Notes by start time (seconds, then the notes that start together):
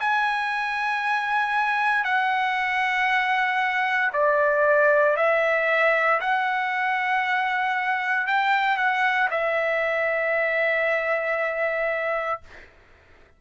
0.00 G#5
2.04 F#5
4.13 D5
5.16 E5
6.21 F#5
8.27 G5
8.76 F#5
9.31 E5